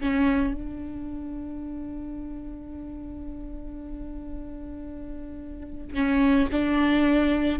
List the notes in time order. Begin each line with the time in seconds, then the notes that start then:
0.00 C#4
0.54 D4
5.94 C#4
6.52 D4